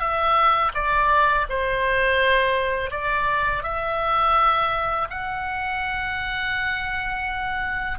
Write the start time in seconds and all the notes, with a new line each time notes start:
0.00 E5
0.75 D5
1.50 C5
2.91 D5
3.63 E5
5.10 F#5